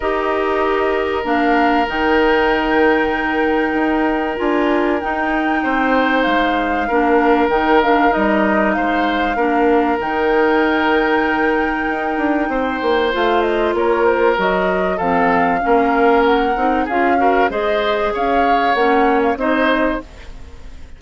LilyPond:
<<
  \new Staff \with { instrumentName = "flute" } { \time 4/4 \tempo 4 = 96 dis''2 f''4 g''4~ | g''2. gis''4 | g''2 f''2 | g''8 f''8 dis''4 f''2 |
g''1~ | g''4 f''8 dis''8 cis''8 c''8 dis''4 | f''2 fis''4 f''4 | dis''4 f''4 fis''8. f''16 dis''4 | }
  \new Staff \with { instrumentName = "oboe" } { \time 4/4 ais'1~ | ais'1~ | ais'4 c''2 ais'4~ | ais'2 c''4 ais'4~ |
ais'1 | c''2 ais'2 | a'4 ais'2 gis'8 ais'8 | c''4 cis''2 c''4 | }
  \new Staff \with { instrumentName = "clarinet" } { \time 4/4 g'2 d'4 dis'4~ | dis'2. f'4 | dis'2. d'4 | dis'8 d'8 dis'2 d'4 |
dis'1~ | dis'4 f'2 fis'4 | c'4 cis'4. dis'8 f'8 fis'8 | gis'2 cis'4 dis'4 | }
  \new Staff \with { instrumentName = "bassoon" } { \time 4/4 dis'2 ais4 dis4~ | dis2 dis'4 d'4 | dis'4 c'4 gis4 ais4 | dis4 g4 gis4 ais4 |
dis2. dis'8 d'8 | c'8 ais8 a4 ais4 fis4 | f4 ais4. c'8 cis'4 | gis4 cis'4 ais4 c'4 | }
>>